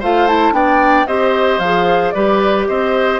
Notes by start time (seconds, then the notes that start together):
0.00 A3 F4 C5 F5
0.28 E4 A5
0.52 B3 D4 D5 G5
1.07 C4 G4 C5 D#5
1.59 F3 G#4 F5
2.11 G3 G4 B4 D5
2.68 C4 C5 D#5